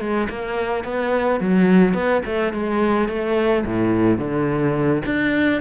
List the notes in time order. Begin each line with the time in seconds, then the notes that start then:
0.00 G#3
0.29 A#3
0.84 B3
1.40 F#3
1.93 B3
2.25 A3
2.53 G#3
3.08 A3
3.66 A2
4.18 D3
5.05 D4